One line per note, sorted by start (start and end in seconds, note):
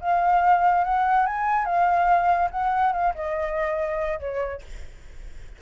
0.00 0.84 F5
0.84 1.26 F#5
1.26 1.65 G#5
1.65 2.49 F5
2.51 2.92 F#5
2.92 3.13 F5
3.14 4.19 D#5
4.19 4.61 C#5